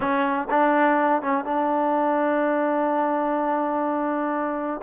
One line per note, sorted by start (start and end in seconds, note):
0.00 0.48 C#4
0.50 1.22 D4
1.22 1.44 C#4
1.44 4.80 D4